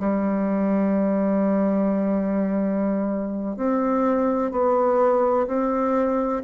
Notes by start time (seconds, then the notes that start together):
0.00 G3
3.57 C4
4.52 B3
5.48 C4